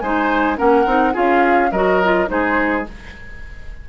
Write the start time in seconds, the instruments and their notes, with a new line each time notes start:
0.00 bassoon G#3, clarinet D#4, oboe C5, flute G#5
0.57 bassoon A#3, clarinet C#4, oboe A#4, flute F#5
0.86 bassoon C4, clarinet D#4
1.13 bassoon C#4, clarinet F4, oboe G#4, flute F5
1.72 bassoon F#3, clarinet F#4, oboe A#4, flute D#5
2.04 clarinet F4
2.27 bassoon G#3, clarinet D#4, oboe G#4, flute C5